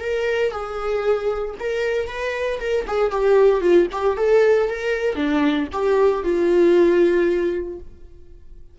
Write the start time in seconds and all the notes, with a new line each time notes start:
0.00 A#4
0.51 G#4
1.59 A#4
2.08 B4
2.60 A#4
2.87 G#4
3.11 G4
3.61 F4
3.92 G4
4.17 A4
4.69 A#4
5.16 D4
5.72 G4
6.24 F4